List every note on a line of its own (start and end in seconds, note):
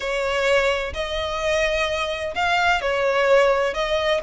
0.00 0.93 C#5
0.93 2.34 D#5
2.35 2.81 F5
2.81 3.74 C#5
3.74 4.20 D#5